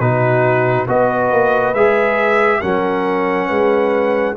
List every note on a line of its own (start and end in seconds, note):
0.00 0.87 B2
0.00 0.88 D#4
0.00 0.88 F#4
0.00 0.87 B4
0.88 1.32 B3
0.88 1.75 F#4
0.88 2.60 B4
0.88 1.75 D#5
1.32 1.74 A#3
1.74 2.61 G#3
1.74 2.62 G#4
1.74 2.62 E5
2.60 3.50 F#3
2.60 4.36 C#4
2.60 3.47 A#4
2.60 4.36 F#5
3.47 4.37 G#3
3.47 4.34 B4